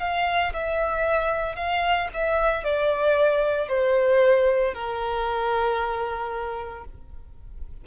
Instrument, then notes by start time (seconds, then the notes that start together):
violin
0.00 F5
0.53 E5
1.56 F5
2.13 E5
2.64 D5
3.68 C5
4.74 A#4